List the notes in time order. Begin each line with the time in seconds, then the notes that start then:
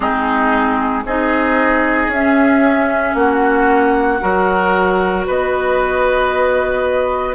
0.00 G#3 C4 D#4 G#4
1.04 C4 D#4 G#4 D#5
2.07 C#4 E5
3.14 A#3 F#4 F#5
4.20 F#3 F#4 A#4
5.27 B3 B4 D#5